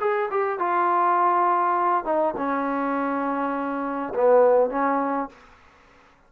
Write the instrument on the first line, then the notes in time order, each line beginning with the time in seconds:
trombone
0.00 G#4
0.30 G4
0.59 F4
2.05 D#4
2.37 C#4
4.15 B3
4.70 C#4